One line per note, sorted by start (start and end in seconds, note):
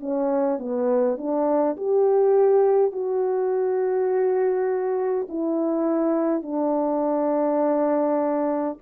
0.00 0.59 C#4
0.59 1.18 B3
1.18 1.76 D4
1.77 2.92 G4
2.92 5.27 F#4
5.29 6.43 E4
6.43 8.78 D4